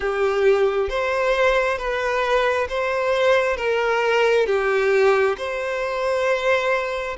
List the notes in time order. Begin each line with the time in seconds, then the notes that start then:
0.00 G4
0.89 C5
1.77 B4
2.69 C5
3.56 A#4
4.46 G4
5.37 C5